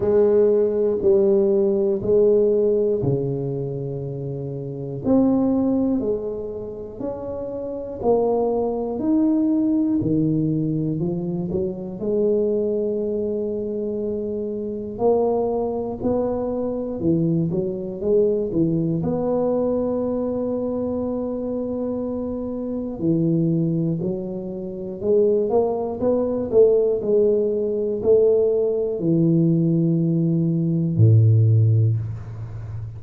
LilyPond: \new Staff \with { instrumentName = "tuba" } { \time 4/4 \tempo 4 = 60 gis4 g4 gis4 cis4~ | cis4 c'4 gis4 cis'4 | ais4 dis'4 dis4 f8 fis8 | gis2. ais4 |
b4 e8 fis8 gis8 e8 b4~ | b2. e4 | fis4 gis8 ais8 b8 a8 gis4 | a4 e2 a,4 | }